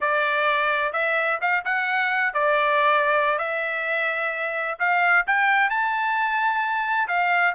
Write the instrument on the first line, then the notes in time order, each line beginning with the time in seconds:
trumpet
0.01 D5
0.92 E5
1.41 F5
1.64 F#5
2.33 D5
3.38 E5
4.79 F5
5.26 G5
5.70 A5
7.08 F5